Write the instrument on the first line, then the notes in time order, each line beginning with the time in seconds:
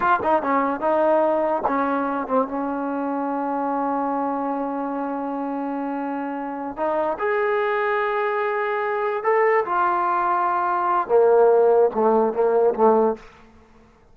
trombone
0.00 F4
0.23 D#4
0.42 C#4
0.80 D#4
1.67 C#4
2.27 C4
2.47 C#4
6.76 D#4
7.18 G#4
9.23 A4
9.65 F4
11.08 A#3
11.94 A3
12.33 A#3
12.74 A3